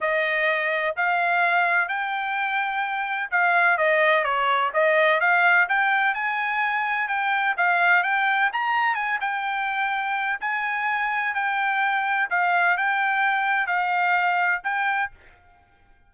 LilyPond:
\new Staff \with { instrumentName = "trumpet" } { \time 4/4 \tempo 4 = 127 dis''2 f''2 | g''2. f''4 | dis''4 cis''4 dis''4 f''4 | g''4 gis''2 g''4 |
f''4 g''4 ais''4 gis''8 g''8~ | g''2 gis''2 | g''2 f''4 g''4~ | g''4 f''2 g''4 | }